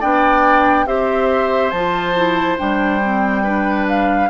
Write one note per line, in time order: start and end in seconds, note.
0.00 0.86 B3
0.00 0.87 D4
0.00 0.86 D5
0.00 0.87 G5
0.86 1.72 C4
0.86 1.72 G4
0.86 3.44 C5
0.86 1.71 E5
1.71 2.58 F3
1.71 2.16 F4
1.71 2.56 A5
2.16 2.58 E4
2.58 4.30 G3
2.58 3.01 D4
2.58 3.87 G5
3.04 3.46 C4
3.44 4.30 D4
3.44 4.29 B4
3.89 4.30 F5